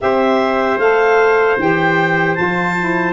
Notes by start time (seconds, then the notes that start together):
0.00 C4 G4 C5 E5
0.78 A3 A4 F5
1.59 E3 G4 G5
2.35 F3 F4 A5
2.79 E4